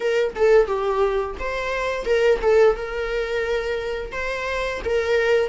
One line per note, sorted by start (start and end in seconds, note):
0.00 0.34 A#4
0.35 0.66 A4
0.66 1.35 G4
1.39 2.05 C5
2.05 2.39 A#4
2.41 2.76 A4
2.76 4.12 A#4
4.12 4.81 C5
4.84 5.49 A#4